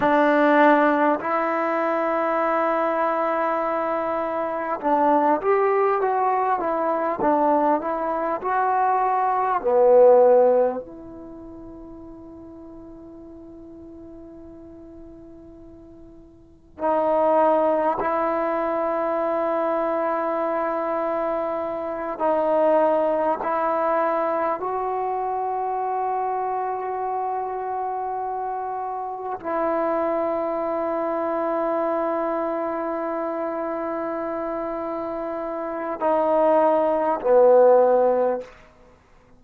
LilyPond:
\new Staff \with { instrumentName = "trombone" } { \time 4/4 \tempo 4 = 50 d'4 e'2. | d'8 g'8 fis'8 e'8 d'8 e'8 fis'4 | b4 e'2.~ | e'2 dis'4 e'4~ |
e'2~ e'8 dis'4 e'8~ | e'8 fis'2.~ fis'8~ | fis'8 e'2.~ e'8~ | e'2 dis'4 b4 | }